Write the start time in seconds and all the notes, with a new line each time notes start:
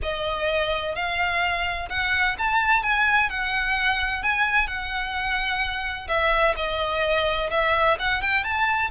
0.02 D#5
0.95 F5
1.89 F#5
2.38 A5
2.83 G#5
3.29 F#5
4.23 G#5
4.67 F#5
6.08 E5
6.56 D#5
7.50 E5
7.99 F#5
8.21 G5
8.44 A5